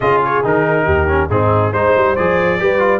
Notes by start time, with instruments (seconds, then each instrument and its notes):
0.00 tuba C#3, trombone F4, horn G#4, trumpet D#5
0.24 trumpet C#5
0.43 tuba D#3, trombone D#4, trumpet A#4
0.84 tuba D#2, horn G4
1.08 trombone C#4
1.29 tuba G#2, trombone C4, horn D#4, trumpet G#4
1.72 tuba G#3, trombone D#4, horn C5, trumpet C5
1.96 tuba G3
2.16 tuba F3, trombone G#4, trumpet D5
2.58 tuba G3, trombone G4, horn B4
2.79 trombone F4